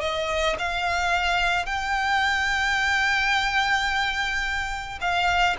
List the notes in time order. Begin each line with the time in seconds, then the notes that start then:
0.00 D#5
0.58 F5
1.65 G5
5.01 F5